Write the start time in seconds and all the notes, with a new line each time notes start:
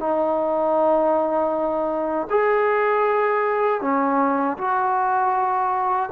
0.00 D#4
2.31 G#4
3.82 C#4
4.58 F#4